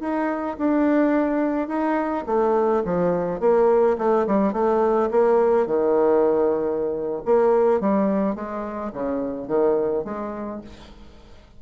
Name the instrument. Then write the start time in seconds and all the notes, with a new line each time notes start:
bassoon
0.00 D#4
0.58 D4
1.68 D#4
2.26 A3
2.85 F3
3.40 A#3
3.98 A3
4.27 G3
4.53 A3
5.11 A#3
5.66 D#3
7.25 A#3
7.80 G3
8.35 G#3
8.93 C#3
9.48 D#3
10.04 G#3